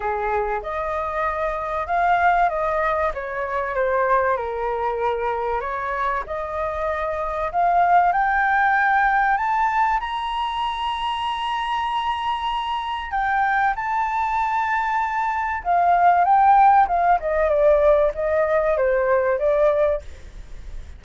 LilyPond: \new Staff \with { instrumentName = "flute" } { \time 4/4 \tempo 4 = 96 gis'4 dis''2 f''4 | dis''4 cis''4 c''4 ais'4~ | ais'4 cis''4 dis''2 | f''4 g''2 a''4 |
ais''1~ | ais''4 g''4 a''2~ | a''4 f''4 g''4 f''8 dis''8 | d''4 dis''4 c''4 d''4 | }